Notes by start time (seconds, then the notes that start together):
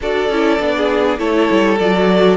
0.01 D4 F#4 A4 D5
0.29 C#4 E4
0.59 B3 D4
0.76 G#4
1.18 A3 E4 A4 C#5
1.50 G3
1.78 F#3 F4 D5
1.94 F#4